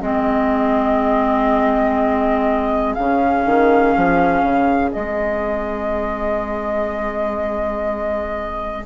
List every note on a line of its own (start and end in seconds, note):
0.00 2.97 G#3
0.00 2.97 C4
0.00 8.85 G#4
0.00 2.94 D#5
2.94 3.45 C#3
2.94 4.95 C#4
2.94 4.90 F5
3.45 3.95 D#3
3.96 4.42 F3
4.42 4.92 C#3
4.92 8.85 G#3
4.92 8.85 C4
4.92 8.85 D#5